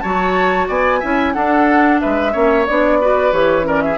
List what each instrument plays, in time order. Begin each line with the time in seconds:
0.00 bassoon F#3, clarinet F#4, oboe C#5, flute A5
0.68 bassoon B3, oboe D5, flute G#5
1.00 bassoon C#4, clarinet E4, oboe E5
1.33 clarinet D4, bassoon D4, oboe A4, flute F#5
2.00 bassoon G#3, oboe B4, flute E5
2.32 bassoon A#3, clarinet C#4, oboe C#5
2.66 bassoon B3, clarinet D4, flute D5
3.01 clarinet F#4, oboe B4
3.32 bassoon E3, clarinet G4, flute C#5
3.62 clarinet C#4, oboe A#4
3.68 flute D5
3.81 oboe G#4, flute E5